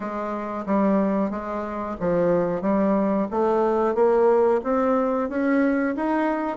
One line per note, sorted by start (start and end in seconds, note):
0.00 0.65 G#3
0.66 1.30 G3
1.30 1.96 G#3
2.00 2.61 F3
2.61 3.27 G3
3.31 3.94 A3
3.94 4.60 A#3
4.63 5.29 C4
5.29 5.95 C#4
5.96 6.57 D#4